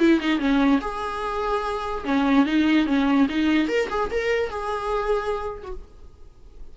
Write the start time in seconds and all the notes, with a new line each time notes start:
0.00 E4
0.21 D#4
0.39 C#4
0.81 G#4
2.05 C#4
2.46 D#4
2.87 C#4
3.29 D#4
3.69 A#4
3.90 G#4
4.12 A#4
4.50 G#4
5.63 F#4